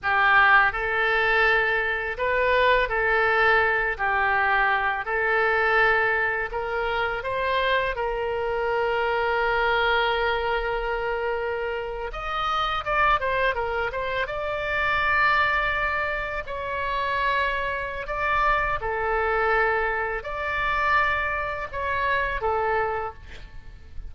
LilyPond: \new Staff \with { instrumentName = "oboe" } { \time 4/4 \tempo 4 = 83 g'4 a'2 b'4 | a'4. g'4. a'4~ | a'4 ais'4 c''4 ais'4~ | ais'1~ |
ais'8. dis''4 d''8 c''8 ais'8 c''8 d''16~ | d''2~ d''8. cis''4~ cis''16~ | cis''4 d''4 a'2 | d''2 cis''4 a'4 | }